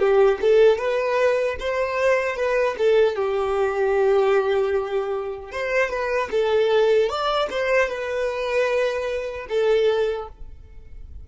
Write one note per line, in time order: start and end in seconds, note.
0.00 0.39 G4
0.41 0.78 A4
0.78 1.57 B4
1.60 2.36 C5
2.36 2.76 B4
2.78 3.16 A4
3.16 5.52 G4
5.52 5.90 C5
5.90 6.30 B4
6.32 7.09 A4
7.09 7.49 D5
7.51 7.89 C5
7.89 9.47 B4
9.49 10.28 A4